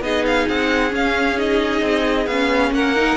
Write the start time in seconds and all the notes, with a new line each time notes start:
0.00 B3 D#4 G#4 D#5
0.25 F5
0.48 C4 F#5
0.90 C#4 F5
1.37 D#4 D#5
1.81 C4
2.26 B3 C#4 F5
2.70 A#3 A#4 F#5
2.95 D#4